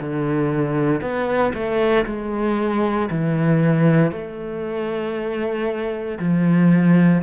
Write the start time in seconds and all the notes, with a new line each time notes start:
0.00 D3
1.01 B3
1.54 A3
2.05 G#3
3.10 E3
4.11 A3
6.19 F3